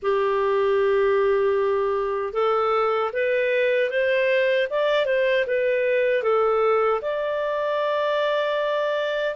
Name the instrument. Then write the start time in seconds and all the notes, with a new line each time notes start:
clarinet
0.02 G4
2.33 A4
3.12 B4
3.90 C5
4.70 D5
5.05 C5
5.47 B4
6.23 A4
7.01 D5